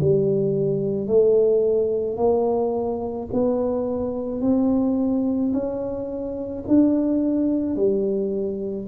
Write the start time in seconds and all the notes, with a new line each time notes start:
0.00 G3
1.07 A3
2.17 A#3
3.32 B3
4.41 C4
5.53 C#4
6.67 D4
7.76 G3